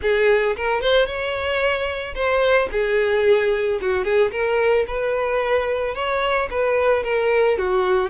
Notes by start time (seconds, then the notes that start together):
0.01 G#4
0.56 A#4
0.81 C5
1.06 C#5
2.14 C5
2.71 G#4
3.81 F#4
4.04 G#4
4.31 A#4
4.87 B4
5.94 C#5
6.50 B4
7.03 A#4
7.57 F#4